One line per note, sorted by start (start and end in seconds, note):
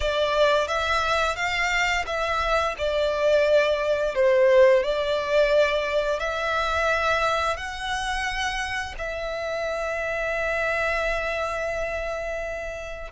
0.00 0.67 D5
0.67 1.35 E5
1.35 2.04 F5
2.06 2.75 E5
2.77 4.14 D5
4.14 4.83 C5
4.83 6.19 D5
6.19 7.56 E5
7.56 8.94 F#5
8.97 13.11 E5